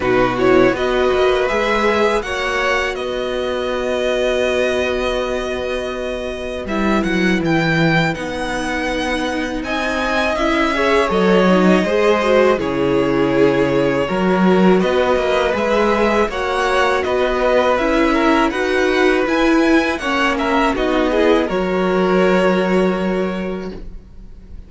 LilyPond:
<<
  \new Staff \with { instrumentName = "violin" } { \time 4/4 \tempo 4 = 81 b'8 cis''8 dis''4 e''4 fis''4 | dis''1~ | dis''4 e''8 fis''8 g''4 fis''4~ | fis''4 gis''4 e''4 dis''4~ |
dis''4 cis''2. | dis''4 e''4 fis''4 dis''4 | e''4 fis''4 gis''4 fis''8 e''8 | dis''4 cis''2. | }
  \new Staff \with { instrumentName = "violin" } { \time 4/4 fis'4 b'2 cis''4 | b'1~ | b'1~ | b'4 dis''4. cis''4. |
c''4 gis'2 ais'4 | b'2 cis''4 b'4~ | b'8 ais'8 b'2 cis''8 ais'8 | fis'8 gis'8 ais'2. | }
  \new Staff \with { instrumentName = "viola" } { \time 4/4 dis'8 e'8 fis'4 gis'4 fis'4~ | fis'1~ | fis'4 e'2 dis'4~ | dis'2 e'8 gis'8 a'8 dis'8 |
gis'8 fis'8 e'2 fis'4~ | fis'4 gis'4 fis'2 | e'4 fis'4 e'4 cis'4 | dis'8 e'8 fis'2. | }
  \new Staff \with { instrumentName = "cello" } { \time 4/4 b,4 b8 ais8 gis4 ais4 | b1~ | b4 g8 fis8 e4 b4~ | b4 c'4 cis'4 fis4 |
gis4 cis2 fis4 | b8 ais8 gis4 ais4 b4 | cis'4 dis'4 e'4 ais4 | b4 fis2. | }
>>